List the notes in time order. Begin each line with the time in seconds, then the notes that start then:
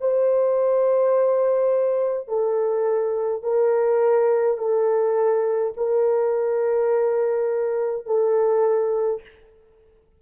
0.00 C5
2.28 A4
3.42 A#4
4.57 A4
5.76 A#4
8.06 A4